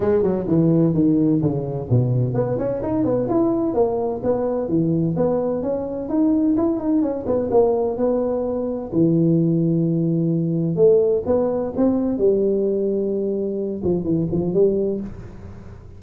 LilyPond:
\new Staff \with { instrumentName = "tuba" } { \time 4/4 \tempo 4 = 128 gis8 fis8 e4 dis4 cis4 | b,4 b8 cis'8 dis'8 b8 e'4 | ais4 b4 e4 b4 | cis'4 dis'4 e'8 dis'8 cis'8 b8 |
ais4 b2 e4~ | e2. a4 | b4 c'4 g2~ | g4. f8 e8 f8 g4 | }